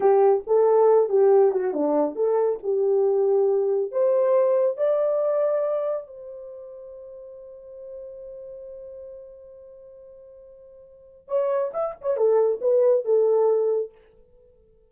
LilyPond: \new Staff \with { instrumentName = "horn" } { \time 4/4 \tempo 4 = 138 g'4 a'4. g'4 fis'8 | d'4 a'4 g'2~ | g'4 c''2 d''4~ | d''2 c''2~ |
c''1~ | c''1~ | c''2 cis''4 e''8 cis''8 | a'4 b'4 a'2 | }